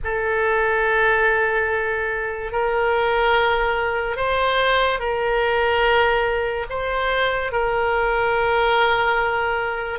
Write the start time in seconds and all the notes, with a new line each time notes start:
0.04 A4
2.52 A#4
4.16 C5
4.99 A#4
6.69 C5
7.52 A#4